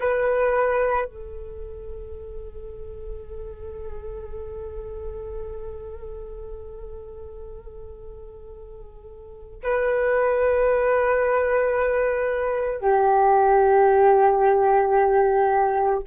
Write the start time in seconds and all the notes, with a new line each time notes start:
0.00 B4
1.05 A4
9.63 B4
12.80 G4